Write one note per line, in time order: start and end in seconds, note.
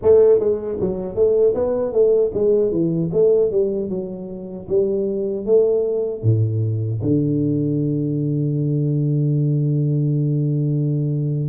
0.02 0.39 A3
0.39 0.78 G#3
0.80 1.15 F#3
1.15 1.54 A3
1.54 1.92 B3
1.92 2.31 A3
2.33 2.71 G#3
2.71 3.10 E3
3.12 3.51 A3
3.51 3.89 G3
3.89 4.67 F#3
4.68 5.45 G3
5.45 6.23 A3
6.23 7.01 A2
7.02 11.49 D3